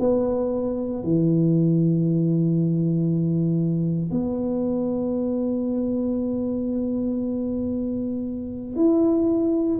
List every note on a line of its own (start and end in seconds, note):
0.00 1.03 B3
1.03 4.11 E3
4.11 8.76 B3
8.76 9.80 E4